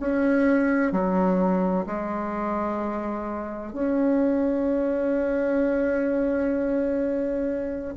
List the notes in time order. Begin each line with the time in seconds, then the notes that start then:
0.00 C#4
0.92 F#3
1.87 G#3
3.73 C#4